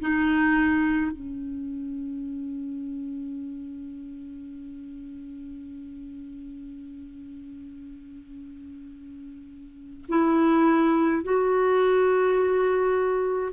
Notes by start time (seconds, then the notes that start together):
0.00 D#4
1.11 C#4
10.09 E4
11.23 F#4